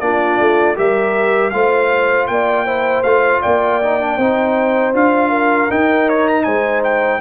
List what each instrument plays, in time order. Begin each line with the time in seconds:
0.00 tuba A#3, trombone D4, horn F4, trumpet D5
0.39 tuba A3
0.75 tuba G3, trombone G4, horn A#4, trumpet E5
1.50 tuba A3, trombone F4, horn C5, trumpet F5
2.27 tuba A#3, horn D5, trumpet G5
2.65 trombone E4, horn C5
3.03 tuba A3, trombone F4, trumpet F5
3.41 tuba A#3, horn D5, trumpet G5
3.82 trombone D#4
4.00 trombone D4
4.17 tuba C4, trombone D#4, horn C5
4.94 tuba D4, trombone F4, trumpet F5
5.29 horn A#4
5.70 tuba D#4, trombone D#4, trumpet G5
6.09 trumpet C#5
6.28 trumpet A#5
6.43 tuba G#3, horn C5, trumpet G#5
6.84 trumpet G5